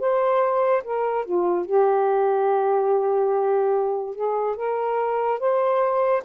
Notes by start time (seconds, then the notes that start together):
0.00 C5
0.84 A#4
1.26 F4
1.66 G4
4.16 G#4
4.57 A#4
5.40 C5